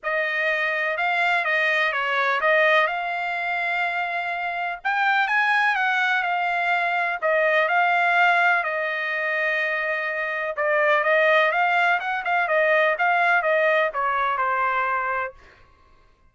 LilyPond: \new Staff \with { instrumentName = "trumpet" } { \time 4/4 \tempo 4 = 125 dis''2 f''4 dis''4 | cis''4 dis''4 f''2~ | f''2 g''4 gis''4 | fis''4 f''2 dis''4 |
f''2 dis''2~ | dis''2 d''4 dis''4 | f''4 fis''8 f''8 dis''4 f''4 | dis''4 cis''4 c''2 | }